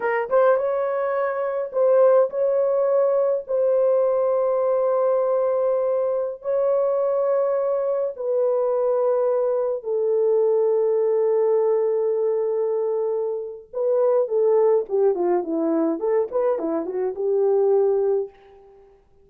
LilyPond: \new Staff \with { instrumentName = "horn" } { \time 4/4 \tempo 4 = 105 ais'8 c''8 cis''2 c''4 | cis''2 c''2~ | c''2.~ c''16 cis''8.~ | cis''2~ cis''16 b'4.~ b'16~ |
b'4~ b'16 a'2~ a'8.~ | a'1 | b'4 a'4 g'8 f'8 e'4 | a'8 b'8 e'8 fis'8 g'2 | }